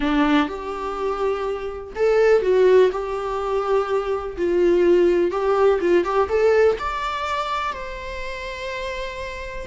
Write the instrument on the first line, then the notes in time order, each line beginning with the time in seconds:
viola
0.00 D4
0.48 G4
1.95 A4
2.42 F#4
2.91 G4
4.37 F4
5.31 G4
5.81 F4
6.04 G4
6.29 A4
6.79 D5
7.72 C5